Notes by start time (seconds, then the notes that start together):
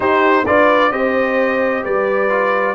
0.00 D#4 G4 C5
0.46 D4 F4 B4 D5
0.91 C4 G4 C5 D#5
1.83 G3 B4 D5
2.29 F4